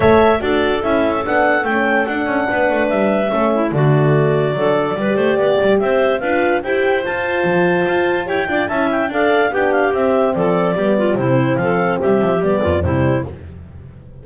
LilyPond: <<
  \new Staff \with { instrumentName = "clarinet" } { \time 4/4 \tempo 4 = 145 e''4 d''4 e''4 fis''4 | g''4 fis''2 e''4~ | e''4 d''2.~ | d''2 e''4 f''4 |
g''4 a''2. | g''4 a''8 g''8 f''4 g''8 f''8 | e''4 d''2 c''4 | f''4 e''4 d''4 c''4 | }
  \new Staff \with { instrumentName = "clarinet" } { \time 4/4 cis''4 a'2.~ | a'2 b'2 | a'8 e'8 fis'2 a'4 | b'8 c''8 d''4 c''4 b'4 |
c''1 | cis''8 d''8 e''4 d''4 g'4~ | g'4 a'4 g'8 f'8 e'4 | a'4 g'4. f'8 e'4 | }
  \new Staff \with { instrumentName = "horn" } { \time 4/4 a'4 fis'4 e'4 d'4 | cis'4 d'2. | cis'4 a2 d'4 | g'2. f'4 |
g'4 f'2. | g'8 f'8 e'4 a'4 d'4 | c'2 b4 c'4~ | c'2 b4 g4 | }
  \new Staff \with { instrumentName = "double bass" } { \time 4/4 a4 d'4 cis'4 b4 | a4 d'8 cis'8 b8 a8 g4 | a4 d2 fis4 | g8 a8 b8 g8 c'4 d'4 |
e'4 f'4 f4 f'4 | e'8 d'8 cis'4 d'4 b4 | c'4 f4 g4 c4 | f4 g8 f8 g8 f,8 c4 | }
>>